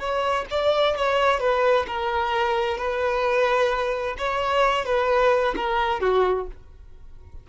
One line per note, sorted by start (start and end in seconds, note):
0.00 0.46 C#5
0.51 0.97 D5
0.97 1.40 C#5
1.40 1.87 B4
1.88 2.78 A#4
2.78 4.17 B4
4.19 4.86 C#5
4.86 5.55 B4
5.56 6.01 A#4
6.01 6.47 F#4